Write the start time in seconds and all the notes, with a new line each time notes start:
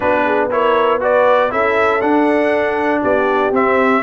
0.00 B3 D4 F#4 B4
0.25 G#4
0.50 E4 A#4 C#5
1.00 F#4 B4 D5
1.49 C#4 E4 A4 E5
2.01 D4 F#5
3.01 B3 G4 D5
3.51 C4 E5